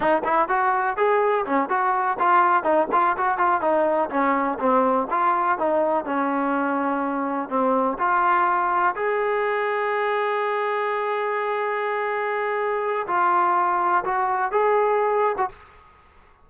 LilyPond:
\new Staff \with { instrumentName = "trombone" } { \time 4/4 \tempo 4 = 124 dis'8 e'8 fis'4 gis'4 cis'8 fis'8~ | fis'8 f'4 dis'8 f'8 fis'8 f'8 dis'8~ | dis'8 cis'4 c'4 f'4 dis'8~ | dis'8 cis'2. c'8~ |
c'8 f'2 gis'4.~ | gis'1~ | gis'2. f'4~ | f'4 fis'4 gis'4.~ gis'16 fis'16 | }